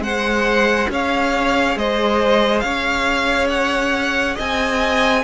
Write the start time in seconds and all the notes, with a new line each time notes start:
0.00 G#3 G#4 C5 F#5
0.89 C#4 C#5 F5
1.76 G#3 C5 D#5
2.60 C#4 C#5 F5
3.49 F#5
4.35 C4 D#5 G#5